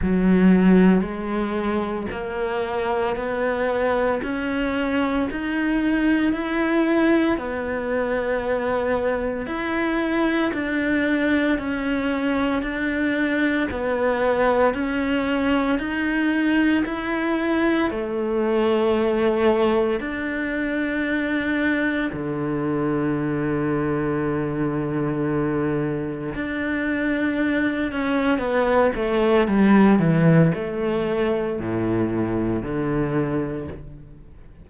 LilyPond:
\new Staff \with { instrumentName = "cello" } { \time 4/4 \tempo 4 = 57 fis4 gis4 ais4 b4 | cis'4 dis'4 e'4 b4~ | b4 e'4 d'4 cis'4 | d'4 b4 cis'4 dis'4 |
e'4 a2 d'4~ | d'4 d2.~ | d4 d'4. cis'8 b8 a8 | g8 e8 a4 a,4 d4 | }